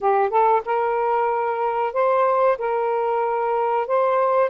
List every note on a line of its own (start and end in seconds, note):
0.01 0.29 G4
0.29 0.62 A4
0.65 1.93 A#4
1.93 2.57 C5
2.58 3.87 A#4
3.87 4.50 C5